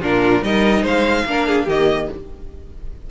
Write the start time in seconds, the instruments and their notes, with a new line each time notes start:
0.00 cello A#2, viola D4, violin F4 A#4
0.42 cello G3, viola D#4, violin A#4 D#5
0.82 cello G#3, violin C5 F5
1.25 cello A#3, viola D4, violin A#4
1.47 violin G#4
1.65 cello D#3, viola A#3, violin G4 D#5